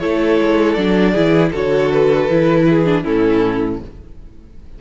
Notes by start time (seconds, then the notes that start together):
0.00 A3 E4 A4 C#5
0.41 G#3
0.75 F#3 D4 D5
1.12 E3 E4 G#4
1.51 D3 F#4 A4 C#5
1.92 B4
2.29 E3 E4
2.69 G#4
2.85 D4
3.04 A2 C#4 E4 A4